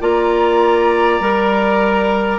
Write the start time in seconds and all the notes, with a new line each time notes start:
0.00 A#3 F4 D5 A#5
1.19 G3 A#4